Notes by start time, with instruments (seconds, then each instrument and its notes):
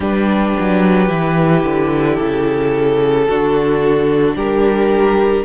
0.00 cello G3, viola D4, violin G4 B4
0.59 cello F#3
1.08 cello E3, viola E4
1.63 cello D3
2.15 cello C#3, violin A4
3.28 cello D3, viola D4, violin F#4
4.35 cello G3, violin G4 A#4